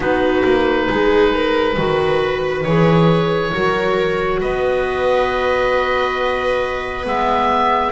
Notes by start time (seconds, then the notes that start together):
0.00 B3 D#4 F#4 B4
0.44 A#3
0.89 G#3 G#4
1.33 A#4
1.77 D#3 F#4 B4
2.63 E3 G#4 C#5
3.52 F#3 F#4 A#4
4.40 B3 B4 D#5
7.04 G#3 B3 E5